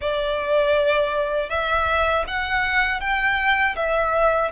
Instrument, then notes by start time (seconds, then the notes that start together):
violin
0.01 D5
1.49 E5
2.27 F#5
3.00 G5
3.76 E5